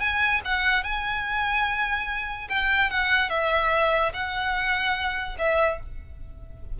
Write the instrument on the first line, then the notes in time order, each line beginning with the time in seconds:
violin
0.00 G#5
0.45 F#5
0.84 G#5
2.49 G5
2.90 F#5
3.30 E5
4.14 F#5
5.39 E5